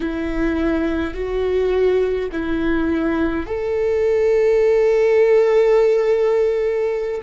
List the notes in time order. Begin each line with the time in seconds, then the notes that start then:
0.00 E4
1.13 F#4
2.32 E4
3.46 A4